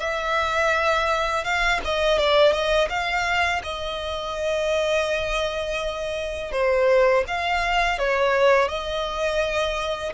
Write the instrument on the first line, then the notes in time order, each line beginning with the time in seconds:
violin
0.00 E5
1.45 F5
1.85 D#5
2.19 D5
2.53 D#5
2.90 F5
3.64 D#5
6.52 C5
7.28 F5
7.99 C#5
8.69 D#5